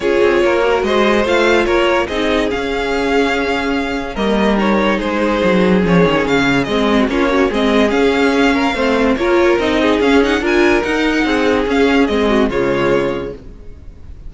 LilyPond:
<<
  \new Staff \with { instrumentName = "violin" } { \time 4/4 \tempo 4 = 144 cis''2 dis''4 f''4 | cis''4 dis''4 f''2~ | f''2 dis''4 cis''4 | c''2 cis''4 f''4 |
dis''4 cis''4 dis''4 f''4~ | f''2 cis''4 dis''4 | f''8 fis''8 gis''4 fis''2 | f''4 dis''4 cis''2 | }
  \new Staff \with { instrumentName = "violin" } { \time 4/4 gis'4 ais'4 c''2 | ais'4 gis'2.~ | gis'2 ais'2 | gis'1~ |
gis'8. fis'16 f'8 cis'8 gis'2~ | gis'8 ais'8 c''4 ais'4. gis'8~ | gis'4 ais'2 gis'4~ | gis'4. fis'8 f'2 | }
  \new Staff \with { instrumentName = "viola" } { \time 4/4 f'4. fis'4. f'4~ | f'4 dis'4 cis'2~ | cis'2 ais4 dis'4~ | dis'2 cis'2 |
c'4 cis'8 fis'8 c'4 cis'4~ | cis'4 c'4 f'4 dis'4 | cis'8 dis'8 f'4 dis'2 | cis'4 c'4 gis2 | }
  \new Staff \with { instrumentName = "cello" } { \time 4/4 cis'8 c'8 ais4 gis4 a4 | ais4 c'4 cis'2~ | cis'2 g2 | gis4 fis4 f8 dis8 cis4 |
gis4 ais4 gis4 cis'4~ | cis'4 a4 ais4 c'4 | cis'4 d'4 dis'4 c'4 | cis'4 gis4 cis2 | }
>>